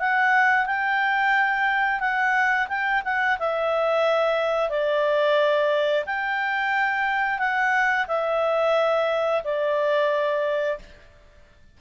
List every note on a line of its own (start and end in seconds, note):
0.00 0.66 F#5
0.66 2.00 G5
2.00 2.68 F#5
2.69 3.03 G5
3.05 3.38 F#5
3.40 4.70 E5
4.70 6.05 D5
6.06 7.39 G5
7.39 8.07 F#5
8.08 9.43 E5
9.44 10.79 D5